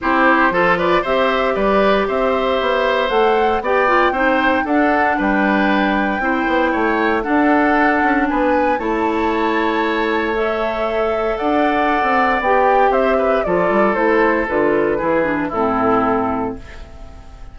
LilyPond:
<<
  \new Staff \with { instrumentName = "flute" } { \time 4/4 \tempo 4 = 116 c''4. d''8 e''4 d''4 | e''2 fis''4 g''4~ | g''4 fis''4 g''2~ | g''2 fis''2 |
gis''4 a''2. | e''2 fis''2 | g''4 e''4 d''4 c''4 | b'2 a'2 | }
  \new Staff \with { instrumentName = "oboe" } { \time 4/4 g'4 a'8 b'8 c''4 b'4 | c''2. d''4 | c''4 a'4 b'2 | c''4 cis''4 a'2 |
b'4 cis''2.~ | cis''2 d''2~ | d''4 c''8 b'8 a'2~ | a'4 gis'4 e'2 | }
  \new Staff \with { instrumentName = "clarinet" } { \time 4/4 e'4 f'4 g'2~ | g'2 a'4 g'8 f'8 | dis'4 d'2. | e'2 d'2~ |
d'4 e'2. | a'1 | g'2 f'4 e'4 | f'4 e'8 d'8 c'2 | }
  \new Staff \with { instrumentName = "bassoon" } { \time 4/4 c'4 f4 c'4 g4 | c'4 b4 a4 b4 | c'4 d'4 g2 | c'8 b8 a4 d'4. cis'8 |
b4 a2.~ | a2 d'4~ d'16 c'8. | b4 c'4 f8 g8 a4 | d4 e4 a,2 | }
>>